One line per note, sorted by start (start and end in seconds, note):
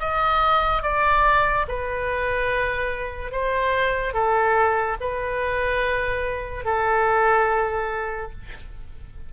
0.00 0.83 D#5
0.83 1.66 D5
1.69 3.32 B4
3.32 4.14 C5
4.14 4.97 A4
5.01 6.65 B4
6.65 8.32 A4